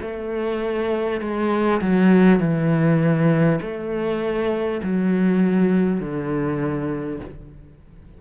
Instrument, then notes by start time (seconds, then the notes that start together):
cello
0.00 A3
1.21 G#3
1.81 F#3
2.39 E3
3.61 A3
4.83 F#3
6.00 D3